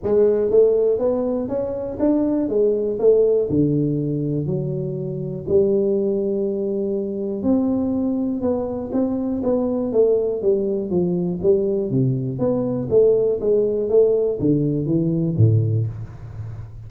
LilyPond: \new Staff \with { instrumentName = "tuba" } { \time 4/4 \tempo 4 = 121 gis4 a4 b4 cis'4 | d'4 gis4 a4 d4~ | d4 fis2 g4~ | g2. c'4~ |
c'4 b4 c'4 b4 | a4 g4 f4 g4 | c4 b4 a4 gis4 | a4 d4 e4 a,4 | }